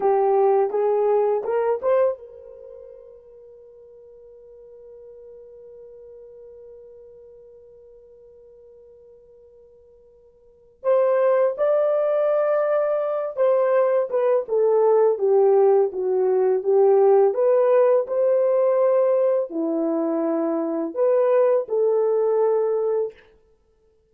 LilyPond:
\new Staff \with { instrumentName = "horn" } { \time 4/4 \tempo 4 = 83 g'4 gis'4 ais'8 c''8 ais'4~ | ais'1~ | ais'1~ | ais'2. c''4 |
d''2~ d''8 c''4 b'8 | a'4 g'4 fis'4 g'4 | b'4 c''2 e'4~ | e'4 b'4 a'2 | }